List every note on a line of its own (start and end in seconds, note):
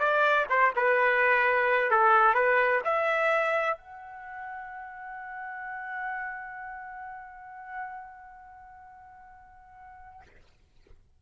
0.00 0.47 D5
0.50 0.73 C5
0.76 1.91 B4
1.91 2.35 A4
2.35 2.82 B4
2.85 3.78 E5
3.78 10.22 F#5